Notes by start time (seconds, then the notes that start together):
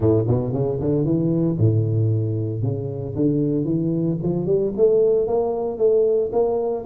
0.00 A2
0.27 B2
0.52 C#3
0.80 D3
1.04 E3
1.58 A2
2.62 C#3
3.15 D3
3.64 E3
4.22 F3
4.45 G3
4.76 A3
5.27 A#3
5.78 A3
6.32 A#3